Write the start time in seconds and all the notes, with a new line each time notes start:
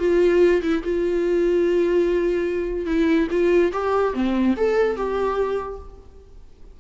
0.00 F4
0.62 E4
0.84 F4
2.86 E4
3.31 F4
3.73 G4
4.14 C4
4.57 A4
4.97 G4